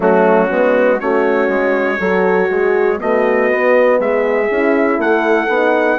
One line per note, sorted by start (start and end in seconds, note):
0.00 0.50 F#3
0.00 0.48 A3
0.00 0.99 C#4
0.00 1.00 F#4
0.49 1.00 G#3
0.49 0.99 B3
0.99 1.48 A3
0.99 1.99 C#4
0.99 1.99 F#4
0.99 3.00 C#5
1.48 1.98 G#3
1.99 2.49 F#3
1.99 2.98 F#4
1.99 2.49 A4
2.50 3.00 G#3
2.50 3.00 G#4
2.98 3.50 A3
2.98 4.47 B3
2.98 4.00 F#4
2.98 4.00 D#5
3.50 3.99 B3
3.99 4.49 G#3
3.99 5.00 G#4
3.99 5.00 E5
4.48 4.98 C#4
4.48 5.48 E4
4.98 5.48 A3
4.98 5.98 A4
4.98 5.98 F#5
5.48 5.98 B3
5.48 5.98 D#4